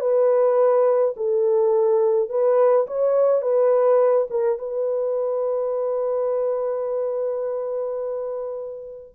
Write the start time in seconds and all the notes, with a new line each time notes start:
0.00 B4
1.16 A4
2.29 B4
2.87 C#5
3.41 B4
4.30 A#4
4.58 B4